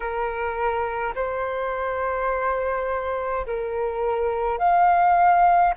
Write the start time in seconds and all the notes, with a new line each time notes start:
0.00 A#4
1.15 C5
3.46 A#4
4.58 F5